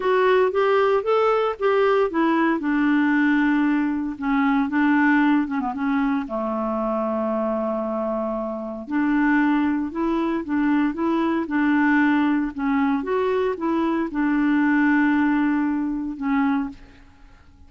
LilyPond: \new Staff \with { instrumentName = "clarinet" } { \time 4/4 \tempo 4 = 115 fis'4 g'4 a'4 g'4 | e'4 d'2. | cis'4 d'4. cis'16 b16 cis'4 | a1~ |
a4 d'2 e'4 | d'4 e'4 d'2 | cis'4 fis'4 e'4 d'4~ | d'2. cis'4 | }